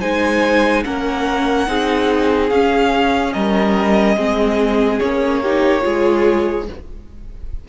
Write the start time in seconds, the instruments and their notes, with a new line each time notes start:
0.00 cello G#3, viola D#4, violin C5 G#5
0.84 cello A#3, viola C#4, violin A#4 F#5
1.67 cello C4, viola D#4, violin G#4
2.49 cello C#4, viola C#4, violin F5
3.33 cello G3, violin A#4 D#5
4.16 cello G#3, viola C4, violin G#4
4.99 cello A#3, viola C#4, violin C#5
5.42 viola D#4, violin G4
5.81 cello G#3, viola F4, violin G#4